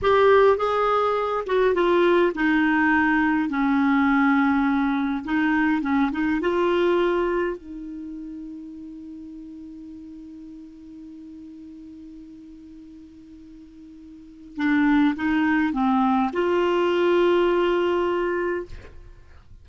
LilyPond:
\new Staff \with { instrumentName = "clarinet" } { \time 4/4 \tempo 4 = 103 g'4 gis'4. fis'8 f'4 | dis'2 cis'2~ | cis'4 dis'4 cis'8 dis'8 f'4~ | f'4 dis'2.~ |
dis'1~ | dis'1~ | dis'4 d'4 dis'4 c'4 | f'1 | }